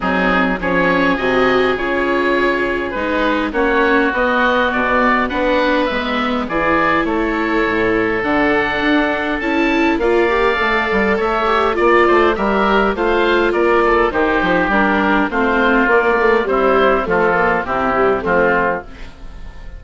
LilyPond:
<<
  \new Staff \with { instrumentName = "oboe" } { \time 4/4 \tempo 4 = 102 gis'4 cis''4 dis''4 cis''4~ | cis''4 b'4 cis''4 dis''4 | d''4 fis''4 e''4 d''4 | cis''2 fis''2 |
a''4 f''2 e''4 | d''4 e''4 f''4 d''4 | c''4 ais'4 c''4 d''4 | c''4 a'4 g'4 f'4 | }
  \new Staff \with { instrumentName = "oboe" } { \time 4/4 dis'4 gis'2.~ | gis'2 fis'2~ | fis'4 b'2 gis'4 | a'1~ |
a'4 d''2 cis''4 | d''8 c''8 ais'4 c''4 ais'8 a'8 | g'2 f'2 | e'4 f'4 e'4 c'4 | }
  \new Staff \with { instrumentName = "viola" } { \time 4/4 c'4 cis'4 fis'4 f'4~ | f'4 dis'4 cis'4 b4~ | b4 d'4 b4 e'4~ | e'2 d'2 |
e'4 f'8 g'8 a'4. g'8 | f'4 g'4 f'2 | dis'4 d'4 c'4 ais8 a8 | g4 a8 ais8 c'8 g8 a4 | }
  \new Staff \with { instrumentName = "bassoon" } { \time 4/4 fis4 f4 c4 cis4~ | cis4 gis4 ais4 b4 | b,4 b4 gis4 e4 | a4 a,4 d4 d'4 |
cis'4 ais4 a8 g8 a4 | ais8 a8 g4 a4 ais4 | dis8 f8 g4 a4 ais4 | c'4 f4 c4 f4 | }
>>